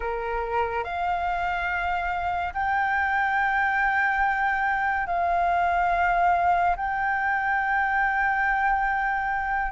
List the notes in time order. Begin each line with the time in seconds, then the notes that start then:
0.00 A#4
0.84 F5
2.54 G5
5.07 F5
6.76 G5